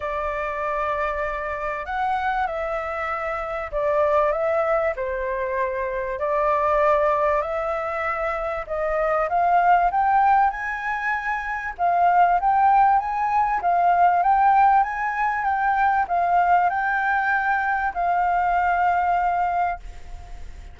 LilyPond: \new Staff \with { instrumentName = "flute" } { \time 4/4 \tempo 4 = 97 d''2. fis''4 | e''2 d''4 e''4 | c''2 d''2 | e''2 dis''4 f''4 |
g''4 gis''2 f''4 | g''4 gis''4 f''4 g''4 | gis''4 g''4 f''4 g''4~ | g''4 f''2. | }